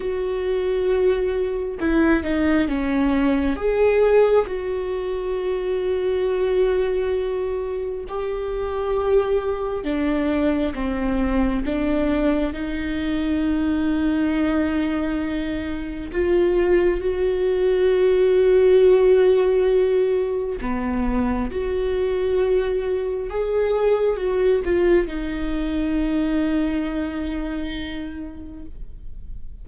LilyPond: \new Staff \with { instrumentName = "viola" } { \time 4/4 \tempo 4 = 67 fis'2 e'8 dis'8 cis'4 | gis'4 fis'2.~ | fis'4 g'2 d'4 | c'4 d'4 dis'2~ |
dis'2 f'4 fis'4~ | fis'2. b4 | fis'2 gis'4 fis'8 f'8 | dis'1 | }